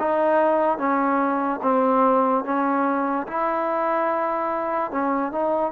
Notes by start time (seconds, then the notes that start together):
0.00 D#4
0.78 C#4
1.63 C4
2.45 C#4
3.28 E4
4.92 C#4
5.32 D#4